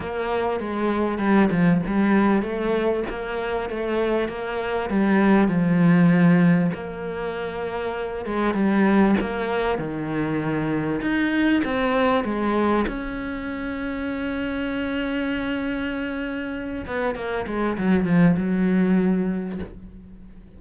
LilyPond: \new Staff \with { instrumentName = "cello" } { \time 4/4 \tempo 4 = 98 ais4 gis4 g8 f8 g4 | a4 ais4 a4 ais4 | g4 f2 ais4~ | ais4. gis8 g4 ais4 |
dis2 dis'4 c'4 | gis4 cis'2.~ | cis'2.~ cis'8 b8 | ais8 gis8 fis8 f8 fis2 | }